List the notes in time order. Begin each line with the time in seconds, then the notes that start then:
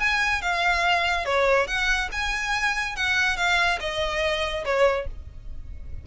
0.00 G#5
0.42 F5
1.26 C#5
1.67 F#5
2.12 G#5
2.97 F#5
3.37 F5
3.80 D#5
4.65 C#5